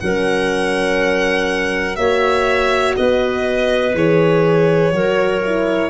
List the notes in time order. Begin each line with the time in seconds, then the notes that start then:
0.00 F#3 C#4 A#4 F#5
1.96 A#3 F#4 C#5 E5
2.97 B3 B4 D#5
3.95 E3 G#4 C#5
4.92 F#3 F#4 A#4
5.46 E4